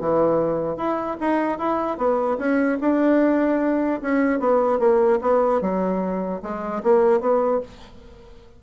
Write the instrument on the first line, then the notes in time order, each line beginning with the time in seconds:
bassoon
0.00 E3
0.77 E4
1.20 D#4
1.58 E4
1.97 B3
2.38 C#4
2.81 D4
4.01 C#4
4.39 B3
4.79 A#3
5.21 B3
5.61 F#3
6.42 G#3
6.83 A#3
7.20 B3